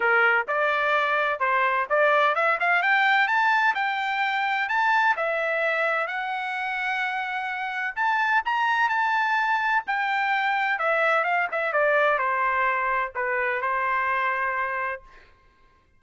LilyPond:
\new Staff \with { instrumentName = "trumpet" } { \time 4/4 \tempo 4 = 128 ais'4 d''2 c''4 | d''4 e''8 f''8 g''4 a''4 | g''2 a''4 e''4~ | e''4 fis''2.~ |
fis''4 a''4 ais''4 a''4~ | a''4 g''2 e''4 | f''8 e''8 d''4 c''2 | b'4 c''2. | }